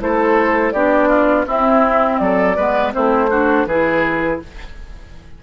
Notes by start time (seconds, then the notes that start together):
0.00 A3 E4 A4 C5
0.71 B3 D4 G4 D5
1.09 F4
1.47 C4 E4 E5
2.19 F#3 A4 D5
2.56 G#3 B3 B4
2.92 A3 C4 E4 C5
3.30 D4 F#4
3.66 E3 E4 G#4 B4